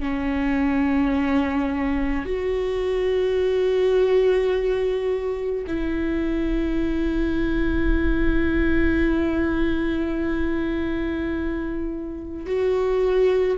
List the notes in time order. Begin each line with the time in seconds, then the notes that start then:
0.00 C#4
2.25 F#4
5.67 E4
12.46 F#4